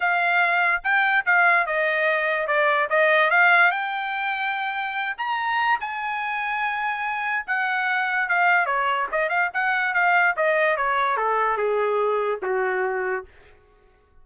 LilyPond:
\new Staff \with { instrumentName = "trumpet" } { \time 4/4 \tempo 4 = 145 f''2 g''4 f''4 | dis''2 d''4 dis''4 | f''4 g''2.~ | g''8 ais''4. gis''2~ |
gis''2 fis''2 | f''4 cis''4 dis''8 f''8 fis''4 | f''4 dis''4 cis''4 a'4 | gis'2 fis'2 | }